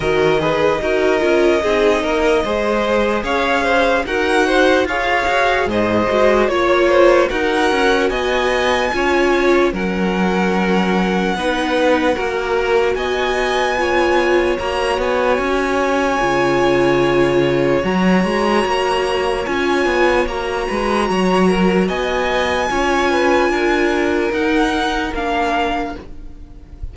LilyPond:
<<
  \new Staff \with { instrumentName = "violin" } { \time 4/4 \tempo 4 = 74 dis''1 | f''4 fis''4 f''4 dis''4 | cis''4 fis''4 gis''2 | fis''1 |
gis''2 ais''8 gis''4.~ | gis''2 ais''2 | gis''4 ais''2 gis''4~ | gis''2 fis''4 f''4 | }
  \new Staff \with { instrumentName = "violin" } { \time 4/4 ais'8 b'8 ais'4 gis'8 ais'8 c''4 | cis''8 c''8 ais'8 c''8 cis''4 c''4 | cis''8 c''8 ais'4 dis''4 cis''4 | ais'2 b'4 ais'4 |
dis''4 cis''2.~ | cis''1~ | cis''4. b'8 cis''8 ais'8 dis''4 | cis''8 b'8 ais'2. | }
  \new Staff \with { instrumentName = "viola" } { \time 4/4 fis'8 gis'8 fis'8 f'8 dis'4 gis'4~ | gis'4 fis'4 gis'4. fis'8 | f'4 fis'2 f'4 | cis'2 dis'4 fis'4~ |
fis'4 f'4 fis'2 | f'2 fis'2 | f'4 fis'2. | f'2 dis'4 d'4 | }
  \new Staff \with { instrumentName = "cello" } { \time 4/4 dis4 dis'8 cis'8 c'8 ais8 gis4 | cis'4 dis'4 f'8 fis'8 gis,8 gis8 | ais4 dis'8 cis'8 b4 cis'4 | fis2 b4 ais4 |
b2 ais8 b8 cis'4 | cis2 fis8 gis8 ais4 | cis'8 b8 ais8 gis8 fis4 b4 | cis'4 d'4 dis'4 ais4 | }
>>